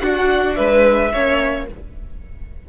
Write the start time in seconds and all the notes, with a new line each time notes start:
0.00 D4 F#4 F#5
0.55 G#3 B4 E5
1.12 A#3 C#4 C#5